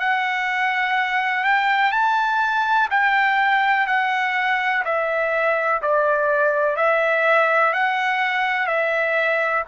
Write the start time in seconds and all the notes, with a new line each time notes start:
0.00 F#5
1.44 G5
1.92 A5
2.91 G5
3.87 F#5
4.85 E5
5.82 D5
6.77 E5
7.74 F#5
8.67 E5